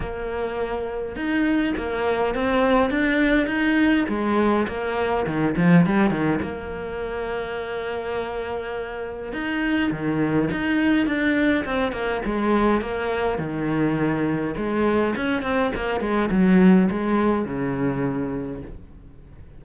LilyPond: \new Staff \with { instrumentName = "cello" } { \time 4/4 \tempo 4 = 103 ais2 dis'4 ais4 | c'4 d'4 dis'4 gis4 | ais4 dis8 f8 g8 dis8 ais4~ | ais1 |
dis'4 dis4 dis'4 d'4 | c'8 ais8 gis4 ais4 dis4~ | dis4 gis4 cis'8 c'8 ais8 gis8 | fis4 gis4 cis2 | }